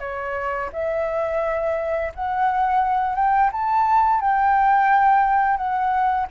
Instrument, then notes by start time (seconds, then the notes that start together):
flute
0.00 C#5
0.73 E5
2.15 F#5
3.16 G5
3.53 A5
4.21 G5
5.57 F#5